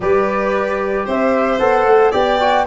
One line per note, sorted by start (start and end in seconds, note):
0.00 1.03 G3
0.00 1.59 G4
0.00 1.05 B4
0.00 1.06 D5
1.05 1.60 C4
1.05 2.11 C5
1.05 1.58 E5
1.58 1.85 B3
1.58 2.12 A4
1.58 2.11 F#5
1.85 2.12 A3
2.11 2.66 B3
2.11 2.38 G4
2.11 2.64 D5
2.11 2.66 G5
2.39 2.66 F#4